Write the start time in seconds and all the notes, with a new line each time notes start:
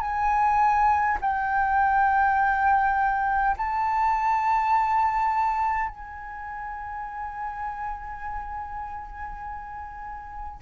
0.00 G#5
1.21 G5
3.57 A5
5.89 G#5